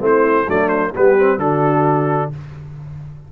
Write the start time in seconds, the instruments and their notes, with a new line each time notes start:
0.00 tuba A3, trombone C4, horn E4, trumpet C5
0.48 tuba F#3, trombone A3, horn D4, trumpet D5
0.69 trumpet C5
0.92 tuba G3, trombone B3, horn G4, trumpet B4
1.18 trombone C4
1.38 tuba D3, trombone D4, horn F#4, trumpet A4